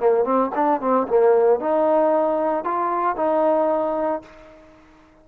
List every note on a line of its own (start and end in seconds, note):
0.00 0.24 A#3
0.24 0.51 C4
0.55 0.81 D4
0.81 1.07 C4
1.08 1.60 A#3
1.60 2.64 D#4
2.64 3.16 F4
3.16 4.23 D#4